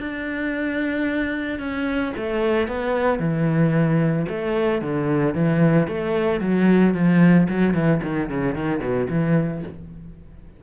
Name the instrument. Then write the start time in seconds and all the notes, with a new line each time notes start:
cello
0.00 D4
1.59 C#4
2.17 A3
2.68 B3
3.19 E3
4.29 A3
4.82 D3
5.34 E3
5.88 A3
6.40 F#3
6.94 F3
7.49 F#3
7.74 E3
8.03 D#3
8.30 C#3
8.55 D#3
8.80 B2
9.10 E3